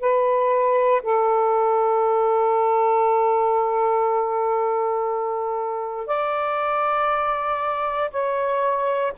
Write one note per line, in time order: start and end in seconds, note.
0.00 1.02 B4
1.03 6.06 A4
6.06 8.10 D5
8.11 9.12 C#5